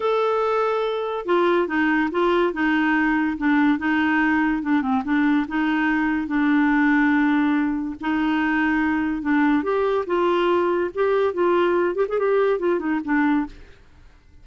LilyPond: \new Staff \with { instrumentName = "clarinet" } { \time 4/4 \tempo 4 = 143 a'2. f'4 | dis'4 f'4 dis'2 | d'4 dis'2 d'8 c'8 | d'4 dis'2 d'4~ |
d'2. dis'4~ | dis'2 d'4 g'4 | f'2 g'4 f'4~ | f'8 g'16 gis'16 g'4 f'8 dis'8 d'4 | }